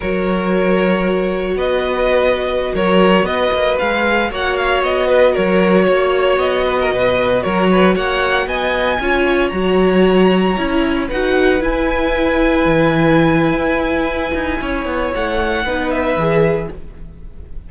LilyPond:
<<
  \new Staff \with { instrumentName = "violin" } { \time 4/4 \tempo 4 = 115 cis''2. dis''4~ | dis''4~ dis''16 cis''4 dis''4 f''8.~ | f''16 fis''8 f''8 dis''4 cis''4.~ cis''16~ | cis''16 dis''2 cis''4 fis''8.~ |
fis''16 gis''2 ais''4.~ ais''16~ | ais''4~ ais''16 fis''4 gis''4.~ gis''16~ | gis''1~ | gis''4 fis''4. e''4. | }
  \new Staff \with { instrumentName = "violin" } { \time 4/4 ais'2. b'4~ | b'4~ b'16 ais'4 b'4.~ b'16~ | b'16 cis''4. b'8 ais'4 cis''8.~ | cis''8. b'16 ais'16 b'4 ais'8 b'8 cis''8.~ |
cis''16 dis''4 cis''2~ cis''8.~ | cis''4~ cis''16 b'2~ b'8.~ | b'1 | cis''2 b'2 | }
  \new Staff \with { instrumentName = "viola" } { \time 4/4 fis'1~ | fis'2.~ fis'16 gis'8.~ | gis'16 fis'2.~ fis'8.~ | fis'1~ |
fis'4~ fis'16 f'4 fis'4.~ fis'16~ | fis'16 e'4 fis'4 e'4.~ e'16~ | e'1~ | e'2 dis'4 gis'4 | }
  \new Staff \with { instrumentName = "cello" } { \time 4/4 fis2. b4~ | b4~ b16 fis4 b8 ais8 gis8.~ | gis16 ais4 b4 fis4 ais8.~ | ais16 b4 b,4 fis4 ais8.~ |
ais16 b4 cis'4 fis4.~ fis16~ | fis16 cis'4 dis'4 e'4.~ e'16~ | e'16 e4.~ e16 e'4. dis'8 | cis'8 b8 a4 b4 e4 | }
>>